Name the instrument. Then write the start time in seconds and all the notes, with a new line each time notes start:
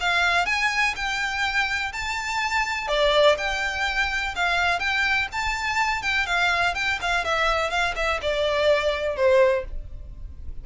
violin
0.00 F5
0.46 G#5
0.96 G5
1.93 A5
2.88 D5
3.38 G5
4.35 F5
4.79 G5
5.32 A5
6.02 G5
6.26 F5
6.75 G5
7.02 F5
7.24 E5
7.70 F5
7.96 E5
8.22 D5
9.16 C5